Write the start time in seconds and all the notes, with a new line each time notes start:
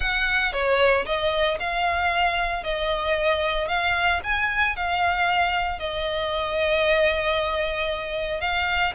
0.00 F#5
0.52 C#5
1.05 D#5
1.59 F5
2.63 D#5
3.68 F5
4.23 G#5
4.76 F5
5.79 D#5
8.40 F5